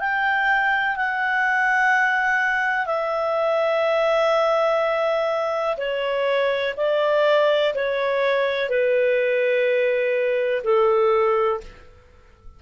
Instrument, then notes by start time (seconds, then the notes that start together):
clarinet
0.00 G5
0.96 F#5
2.86 E5
5.78 C#5
6.77 D5
7.75 C#5
8.70 B4
10.64 A4